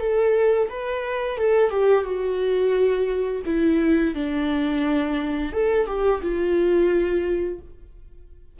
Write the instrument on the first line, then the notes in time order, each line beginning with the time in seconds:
viola
0.00 A4
0.70 B4
1.38 A4
1.71 G4
2.04 F#4
3.46 E4
4.15 D4
5.53 A4
5.87 G4
6.22 F4